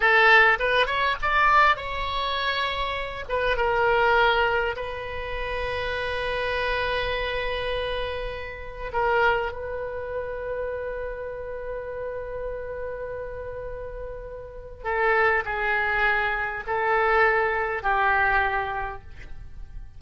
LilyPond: \new Staff \with { instrumentName = "oboe" } { \time 4/4 \tempo 4 = 101 a'4 b'8 cis''8 d''4 cis''4~ | cis''4. b'8 ais'2 | b'1~ | b'2. ais'4 |
b'1~ | b'1~ | b'4 a'4 gis'2 | a'2 g'2 | }